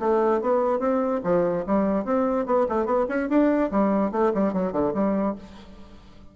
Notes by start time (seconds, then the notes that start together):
0.00 A3
0.41 B3
0.80 C4
1.24 F3
1.66 G3
2.05 C4
2.46 B3
2.69 A3
2.86 B3
3.09 C#4
3.29 D4
3.71 G3
4.12 A3
4.34 G3
4.54 F#3
4.72 D3
4.94 G3